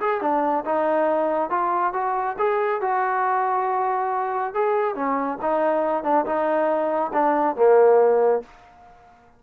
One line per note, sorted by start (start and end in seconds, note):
0.00 0.21 G#4
0.21 0.64 D4
0.65 1.50 D#4
1.50 1.93 F4
1.93 2.36 F#4
2.38 2.81 G#4
2.81 4.54 F#4
4.54 4.95 G#4
4.95 5.38 C#4
5.41 6.03 D#4
6.03 6.25 D4
6.25 7.11 D#4
7.13 7.56 D4
7.56 8.42 A#3